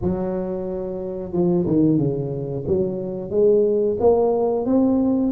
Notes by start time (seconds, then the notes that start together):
0.01 F#3
1.32 F3
1.67 D#3
1.98 C#3
2.67 F#3
3.30 G#3
4.00 A#3
4.65 C4